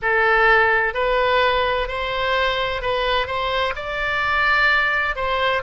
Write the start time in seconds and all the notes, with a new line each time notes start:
0.02 A4
0.94 B4
1.87 C5
2.81 B4
3.26 C5
3.75 D5
5.15 C5